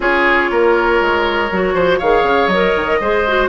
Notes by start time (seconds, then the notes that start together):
0.00 C#4 F4 G#4 C#5
0.50 A#3 A#4
1.00 G#3
1.51 F#3 F#4
1.74 F3 C5
1.98 D#3 G#4 C#5 F5
2.22 C#3
2.47 F#3 A#4 D#5
2.76 D#3
3.00 G#3 G#4 C5
3.27 F#4